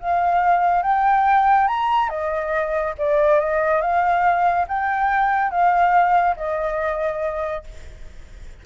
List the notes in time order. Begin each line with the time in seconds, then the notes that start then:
0.00 F5
0.82 G5
1.67 A#5
2.09 D#5
2.98 D5
3.40 D#5
3.81 F5
4.68 G5
5.50 F5
6.36 D#5